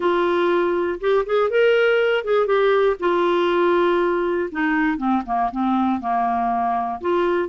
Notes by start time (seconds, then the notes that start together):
0.00 F4
1.00 G4
1.25 G#4
1.50 A#4
2.24 G#4
2.46 G4
2.99 F4
4.51 D#4
4.97 C4
5.25 A#3
5.51 C4
6.00 A#3
7.00 F4